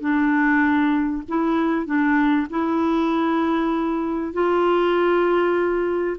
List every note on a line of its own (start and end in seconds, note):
0.00 1.22 D4
1.28 1.86 E4
1.86 2.47 D4
2.50 4.33 E4
4.33 6.16 F4